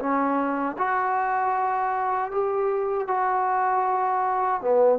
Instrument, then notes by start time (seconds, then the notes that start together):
trombone
0.00 C#4
0.78 F#4
2.32 G4
3.08 F#4
4.62 B3